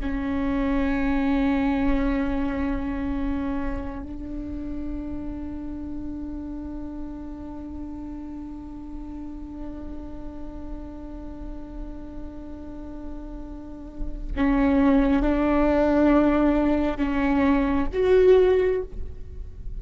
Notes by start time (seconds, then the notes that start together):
0.00 C#4
4.03 D4
14.36 C#4
15.22 D4
16.97 C#4
17.93 F#4